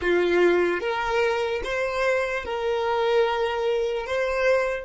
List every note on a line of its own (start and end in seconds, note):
0.01 0.80 F4
0.80 1.61 A#4
1.64 2.44 C5
2.44 4.06 A#4
4.06 4.85 C5